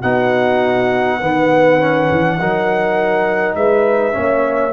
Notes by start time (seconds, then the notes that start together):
0.00 B3 D#4 F#4 F#5
1.20 D#3 B3 B4
1.80 C#4
2.11 E3
2.40 F#3 D#4 A#4
3.54 G#3 B4 E5
4.12 A#3 C#4 C#5